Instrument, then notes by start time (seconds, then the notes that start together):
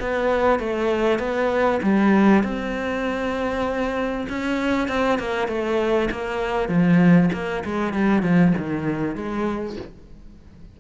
cello
0.00 B3
0.59 A3
1.19 B3
1.82 G3
2.43 C4
4.29 C#4
4.88 C4
5.19 A#3
5.48 A3
6.11 A#3
6.69 F3
7.33 A#3
7.64 G#3
7.93 G3
8.23 F3
8.57 D#3
9.15 G#3